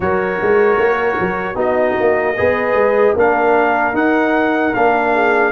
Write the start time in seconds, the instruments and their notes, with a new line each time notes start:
0.00 tuba F#3, trombone F#4, horn A#4, trumpet C#5
0.41 tuba G#3
0.78 tuba A#3
1.20 tuba F#3
1.55 tuba B3, trombone D#4, horn F#4, trumpet D#5
2.00 tuba A#3
2.37 tuba B3, trombone G#4, horn B4
2.74 tuba G#3
3.14 tuba A#3, trombone D4, horn A#4, trumpet F5
3.93 tuba D#4, trombone D#4, trumpet F#5
4.74 tuba A#3, trombone D4, trumpet F5
5.13 horn G#4